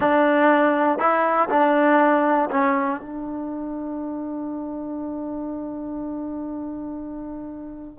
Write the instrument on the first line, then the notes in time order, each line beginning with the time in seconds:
trombone
0.00 D4
0.98 E4
1.49 D4
2.50 C#4
3.00 D4